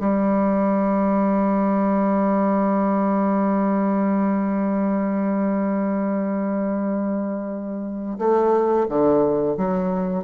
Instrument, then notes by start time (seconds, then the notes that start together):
bassoon
0.00 G3
8.19 A3
8.89 D3
9.57 F#3